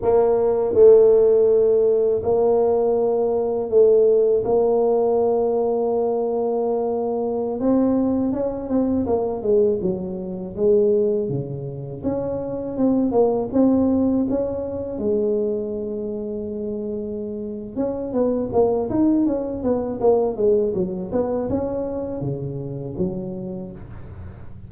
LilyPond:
\new Staff \with { instrumentName = "tuba" } { \time 4/4 \tempo 4 = 81 ais4 a2 ais4~ | ais4 a4 ais2~ | ais2~ ais16 c'4 cis'8 c'16~ | c'16 ais8 gis8 fis4 gis4 cis8.~ |
cis16 cis'4 c'8 ais8 c'4 cis'8.~ | cis'16 gis2.~ gis8. | cis'8 b8 ais8 dis'8 cis'8 b8 ais8 gis8 | fis8 b8 cis'4 cis4 fis4 | }